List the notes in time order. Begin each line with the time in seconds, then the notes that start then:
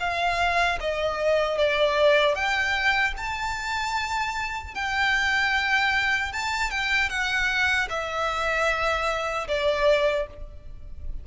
0.00 F5
0.81 D#5
1.58 D5
2.35 G5
3.17 A5
4.75 G5
6.33 A5
6.71 G5
7.09 F#5
7.89 E5
9.48 D5